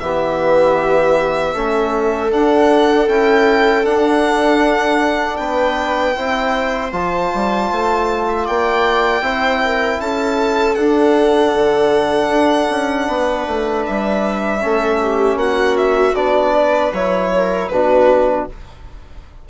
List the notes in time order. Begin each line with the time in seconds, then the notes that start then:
0.00 E3 B3 G4 E5
1.54 A3 C#4 A4
2.30 D4 F#5
3.08 C#4 E4 G5
3.84 D4 F#5
5.37 B3 B4 G5
6.15 C4 E4 C5
6.92 F3 F4 A5
7.34 G3
7.71 A3
8.28 E5
8.45 A#3 D5 G5
9.21 C4 E4 C5
9.65 A#4
10.00 C#4 A4 A5
10.75 D4 F#5
11.55 D3
12.29 D4
12.70 C#4
13.08 B3 B4
13.47 A3
13.86 G3 E5
14.60 A3 C#4 A4
15.02 G4
15.36 A#3 F#4 F#5
15.77 E5
16.15 B3 D4 D5
16.54 B4
16.92 F#3 E4 C#5
17.35 A#4
17.68 B2 D4 F#4 B4